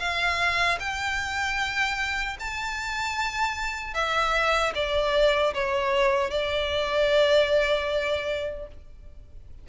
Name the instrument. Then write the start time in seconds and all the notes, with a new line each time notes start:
violin
0.00 F5
0.80 G5
2.40 A5
3.94 E5
4.75 D5
5.54 C#5
6.31 D5